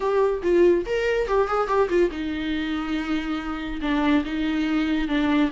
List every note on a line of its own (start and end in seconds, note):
0.00 0.41 G4
0.42 0.85 F4
0.86 1.27 A#4
1.27 1.47 G4
1.47 1.67 G#4
1.67 1.88 G4
1.89 2.10 F4
2.11 3.80 D#4
3.81 4.23 D4
4.24 5.07 D#4
5.07 5.50 D4